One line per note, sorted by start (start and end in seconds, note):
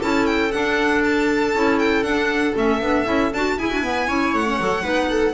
0.00 0.53 C#4
0.00 0.51 E4
0.00 3.56 A4
0.00 0.26 A5
0.26 0.52 G5
0.52 1.54 D4
0.52 1.55 D4
0.52 1.03 F#5
1.04 1.79 A5
1.55 2.03 C#4
1.55 2.06 E4
1.79 2.03 G5
2.03 2.54 D4
2.03 2.55 D4
2.03 2.54 F#5
2.55 2.81 A3
2.55 2.80 C#4
2.55 3.34 E5
2.81 3.06 B3
2.81 3.05 D4
3.05 3.33 C#4
3.05 3.31 E4
3.33 3.58 D4
3.33 3.59 F#4
3.33 3.59 A5
3.58 4.09 E4
3.58 3.72 E4
3.58 3.70 G#4
3.58 4.35 G#5
3.70 3.84 D4
3.70 3.83 F#4
3.83 4.08 B3
3.83 4.08 B4
4.08 4.34 C#4
4.08 4.46 E4
4.08 4.83 C#5
4.34 4.59 A3
4.34 5.34 F#5
4.46 4.59 C#4
4.60 4.85 F#3
4.60 4.83 A4
4.83 5.34 B3
4.83 5.34 D#4
4.83 5.08 B4
5.10 5.34 A4